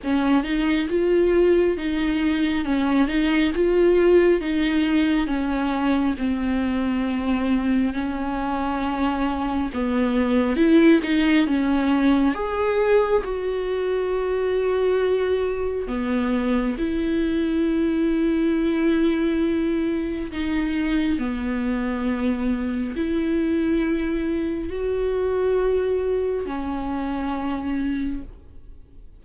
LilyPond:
\new Staff \with { instrumentName = "viola" } { \time 4/4 \tempo 4 = 68 cis'8 dis'8 f'4 dis'4 cis'8 dis'8 | f'4 dis'4 cis'4 c'4~ | c'4 cis'2 b4 | e'8 dis'8 cis'4 gis'4 fis'4~ |
fis'2 b4 e'4~ | e'2. dis'4 | b2 e'2 | fis'2 cis'2 | }